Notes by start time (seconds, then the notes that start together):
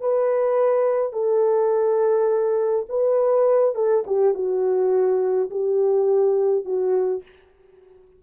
0.00 B4
1.12 A4
2.89 B4
3.75 A4
4.06 G4
4.34 F#4
5.50 G4
6.65 F#4